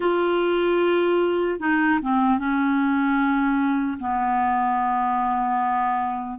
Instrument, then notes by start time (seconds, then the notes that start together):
clarinet
0.00 F4
1.59 D#4
2.01 C4
2.38 C#4
3.99 B3